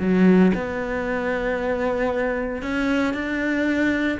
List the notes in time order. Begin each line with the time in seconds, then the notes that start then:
0.00 F#3
0.55 B3
2.62 C#4
3.14 D4